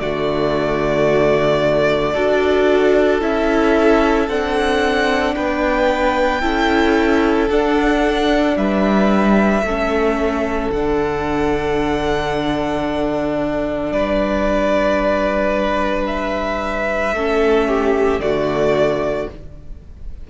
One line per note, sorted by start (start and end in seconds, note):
0.00 2.16 D3
0.00 2.15 A3
0.00 2.14 F#4
0.00 3.21 D5
2.14 3.22 D4
2.14 3.21 F#4
2.14 5.35 A4
3.21 4.29 C#4
3.21 4.28 E4
3.21 4.29 E5
4.29 5.36 C4
4.29 6.42 D4
4.29 5.35 F#5
5.35 6.43 B3
5.35 6.42 B4
5.35 7.50 G5
6.42 7.50 C#4
6.42 7.49 E4
6.42 8.56 A4
7.50 8.57 D4
7.50 9.65 D4
7.50 8.57 F#5
8.57 9.62 G3
8.57 9.65 B4
8.57 10.71 E5
9.62 10.69 A3
9.62 10.74 C#4
9.62 13.94 A4
10.71 13.92 D3
10.71 17.16 D4
10.71 13.93 F#5
13.92 17.13 G3
13.92 17.15 B4
13.92 16.06 D5
16.06 18.21 E5
17.13 18.20 A3
17.13 18.21 C#4
17.13 17.68 A4
17.68 18.22 G4
18.20 19.27 D3
18.20 19.29 A3
18.20 19.31 F#4
18.20 19.28 D5